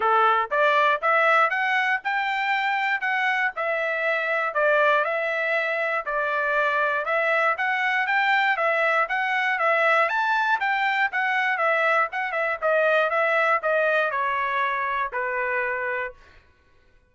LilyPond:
\new Staff \with { instrumentName = "trumpet" } { \time 4/4 \tempo 4 = 119 a'4 d''4 e''4 fis''4 | g''2 fis''4 e''4~ | e''4 d''4 e''2 | d''2 e''4 fis''4 |
g''4 e''4 fis''4 e''4 | a''4 g''4 fis''4 e''4 | fis''8 e''8 dis''4 e''4 dis''4 | cis''2 b'2 | }